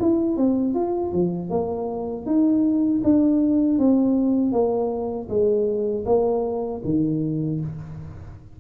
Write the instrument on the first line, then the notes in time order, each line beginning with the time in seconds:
tuba
0.00 E4
0.37 C4
0.75 F4
1.13 F3
1.50 A#3
2.26 D#4
3.04 D4
3.79 C4
4.53 A#3
5.29 G#3
6.06 A#3
6.85 D#3